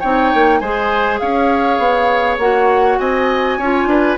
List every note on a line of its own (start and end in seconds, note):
0.00 0.33 C4
0.00 0.62 D#4
0.00 0.59 C#5
0.00 0.58 G5
0.34 0.61 A#3
0.58 1.20 G#3
0.58 2.41 G#4
0.58 1.20 C5
0.58 1.18 G#5
1.19 1.78 C#4
1.19 2.99 C#5
1.19 2.38 F5
1.78 2.38 B3
2.38 2.97 A#3
2.38 3.60 F#4
2.38 2.99 F#5
2.99 3.58 C4
2.99 3.58 D#5
2.99 4.17 G#5
3.58 3.86 C#4
3.58 4.18 F4
3.58 3.88 C#5
3.86 4.16 D4
3.86 4.18 B4